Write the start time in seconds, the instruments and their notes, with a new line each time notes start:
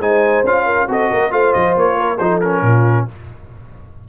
0.00 tuba G#3, trombone D#4, horn C5, trumpet G#5
0.44 tuba C#4, trombone F4, trumpet F5
0.66 horn A#4
0.89 tuba C4, trombone F#4, horn A4, trumpet D#5
1.11 tuba A#3, horn A#4
1.31 tuba A3, trombone F4, horn C5, trumpet F5
1.54 tuba F3, trumpet D#5
1.77 tuba A#3, trumpet C#5
1.98 horn A#4
2.18 tuba F3, trombone D#4, horn A4, trumpet C5
2.41 trombone C#4, trumpet A#4
2.62 tuba A#2, horn F4